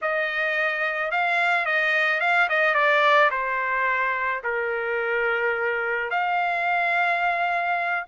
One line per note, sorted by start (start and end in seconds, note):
0.02 1.11 D#5
1.11 1.65 F5
1.65 2.20 D#5
2.20 2.48 F5
2.49 2.74 D#5
2.74 3.30 D5
3.30 4.41 C5
4.43 6.10 A#4
6.10 8.05 F5